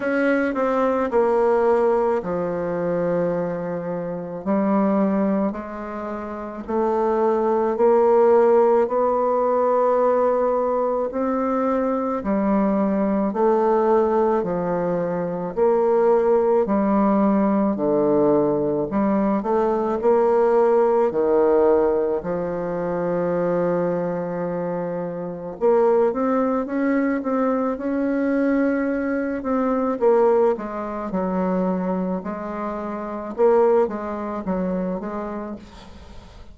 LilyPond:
\new Staff \with { instrumentName = "bassoon" } { \time 4/4 \tempo 4 = 54 cis'8 c'8 ais4 f2 | g4 gis4 a4 ais4 | b2 c'4 g4 | a4 f4 ais4 g4 |
d4 g8 a8 ais4 dis4 | f2. ais8 c'8 | cis'8 c'8 cis'4. c'8 ais8 gis8 | fis4 gis4 ais8 gis8 fis8 gis8 | }